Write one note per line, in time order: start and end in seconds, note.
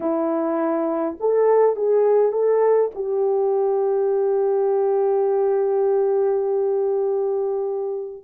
0.00 1.17 E4
1.20 1.75 A4
1.75 2.32 G#4
2.32 2.90 A4
2.94 8.24 G4